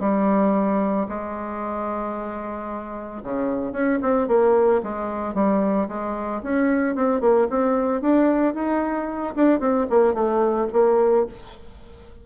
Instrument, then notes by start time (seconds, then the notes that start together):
bassoon
0.00 G3
1.09 G#3
3.23 C#3
3.73 C#4
4.02 C4
4.28 A#3
4.83 G#3
5.34 G3
5.89 G#3
6.43 C#4
6.96 C4
7.21 A#3
7.50 C4
8.02 D4
8.54 D#4
9.36 D4
9.60 C4
9.90 A#3
10.14 A3
10.73 A#3